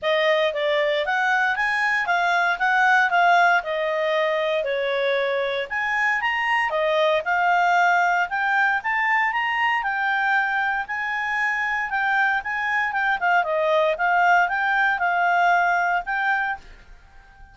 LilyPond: \new Staff \with { instrumentName = "clarinet" } { \time 4/4 \tempo 4 = 116 dis''4 d''4 fis''4 gis''4 | f''4 fis''4 f''4 dis''4~ | dis''4 cis''2 gis''4 | ais''4 dis''4 f''2 |
g''4 a''4 ais''4 g''4~ | g''4 gis''2 g''4 | gis''4 g''8 f''8 dis''4 f''4 | g''4 f''2 g''4 | }